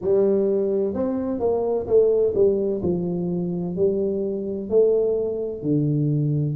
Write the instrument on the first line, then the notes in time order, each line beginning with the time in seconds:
tuba
0.01 G3
0.94 C4
1.39 A#3
1.86 A3
2.34 G3
2.82 F3
3.75 G3
4.69 A3
5.62 D3